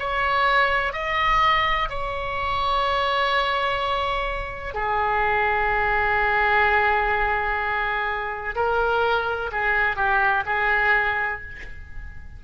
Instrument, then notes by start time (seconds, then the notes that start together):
oboe
0.00 C#5
0.94 D#5
1.90 C#5
4.75 G#4
8.56 A#4
9.52 G#4
9.97 G4
10.46 G#4